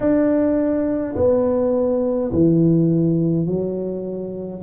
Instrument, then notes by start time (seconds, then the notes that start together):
tuba
0.00 D4
1.15 B3
2.32 E3
3.46 F#3